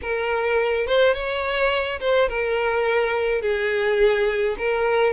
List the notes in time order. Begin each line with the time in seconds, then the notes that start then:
0.01 A#4
0.86 C5
1.14 C#5
2.00 C5
2.28 A#4
3.41 G#4
4.57 A#4